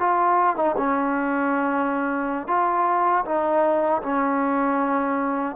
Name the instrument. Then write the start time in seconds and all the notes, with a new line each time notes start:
trombone
0.00 F4
0.57 D#4
0.77 C#4
2.48 F4
3.25 D#4
4.03 C#4